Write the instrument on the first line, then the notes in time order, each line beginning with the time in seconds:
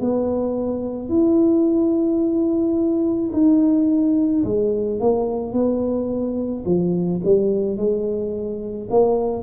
tuba
0.00 B3
1.09 E4
3.32 D#4
4.44 G#3
4.99 A#3
5.53 B3
6.65 F3
7.24 G3
7.77 G#3
8.90 A#3